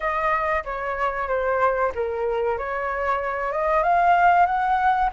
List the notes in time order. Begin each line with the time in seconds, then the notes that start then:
0.00 D#5
0.64 C#5
1.28 C5
1.94 A#4
2.58 C#5
3.51 D#5
3.83 F5
4.46 F#5